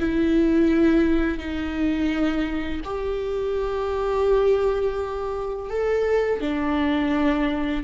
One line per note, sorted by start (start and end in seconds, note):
0.00 1.39 E4
1.39 2.81 D#4
2.84 5.70 G4
5.70 6.41 A4
6.41 7.84 D4